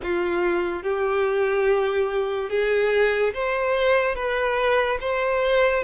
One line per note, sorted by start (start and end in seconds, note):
0.02 0.83 F4
0.83 2.49 G4
2.49 3.33 G#4
3.33 4.15 C5
4.15 4.98 B4
5.00 5.83 C5